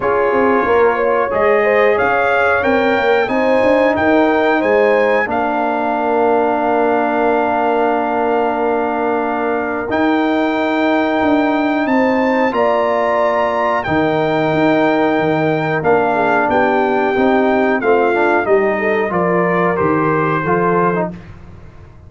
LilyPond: <<
  \new Staff \with { instrumentName = "trumpet" } { \time 4/4 \tempo 4 = 91 cis''2 dis''4 f''4 | g''4 gis''4 g''4 gis''4 | f''1~ | f''2. g''4~ |
g''2 a''4 ais''4~ | ais''4 g''2. | f''4 g''2 f''4 | dis''4 d''4 c''2 | }
  \new Staff \with { instrumentName = "horn" } { \time 4/4 gis'4 ais'8 cis''4 c''8 cis''4~ | cis''4 c''4 ais'4 c''4 | ais'1~ | ais'1~ |
ais'2 c''4 d''4~ | d''4 ais'2.~ | ais'8 gis'8 g'2 f'4 | g'8 a'8 ais'2 a'4 | }
  \new Staff \with { instrumentName = "trombone" } { \time 4/4 f'2 gis'2 | ais'4 dis'2. | d'1~ | d'2. dis'4~ |
dis'2. f'4~ | f'4 dis'2. | d'2 dis'4 c'8 d'8 | dis'4 f'4 g'4 f'8. dis'16 | }
  \new Staff \with { instrumentName = "tuba" } { \time 4/4 cis'8 c'8 ais4 gis4 cis'4 | c'8 ais8 c'8 d'8 dis'4 gis4 | ais1~ | ais2. dis'4~ |
dis'4 d'4 c'4 ais4~ | ais4 dis4 dis'4 dis4 | ais4 b4 c'4 a4 | g4 f4 dis4 f4 | }
>>